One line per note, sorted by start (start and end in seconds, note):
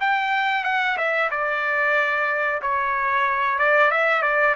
0.00 0.64 G5
0.64 0.97 F#5
0.97 1.30 E5
1.30 2.61 D5
2.61 3.58 C#5
3.58 3.91 D5
3.91 4.22 E5
4.22 4.55 D5